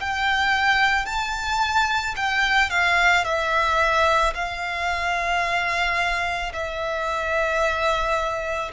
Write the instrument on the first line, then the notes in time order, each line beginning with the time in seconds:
violin
0.00 G5
1.05 A5
2.16 G5
2.70 F5
3.24 E5
4.34 F5
6.53 E5